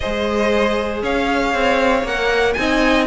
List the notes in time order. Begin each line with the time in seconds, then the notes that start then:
0.00 G#3 G#4 C5 D#5
1.02 C#4 C#5 F5
1.53 C4
2.03 A#3 A#4 F#5
2.53 C4 D#4 G#5
2.59 D#5